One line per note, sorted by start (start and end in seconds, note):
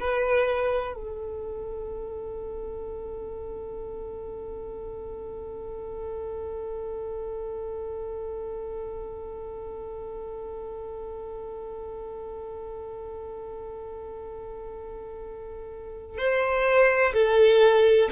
0.00 0.94 B4
0.94 16.18 A4
16.18 17.13 C5
17.14 18.09 A4